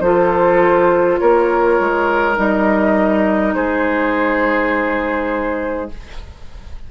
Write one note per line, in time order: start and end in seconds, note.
0.00 1.18 F3
0.00 2.35 F4
0.00 1.20 A4
0.00 1.18 C5
1.18 1.79 A#3
1.18 3.55 A#4
1.18 2.36 C#5
1.79 2.37 G#3
2.35 3.55 G3
2.35 5.88 D#4
2.35 3.54 D#5
3.54 5.90 G#3
3.54 5.90 G#4
3.54 5.89 C5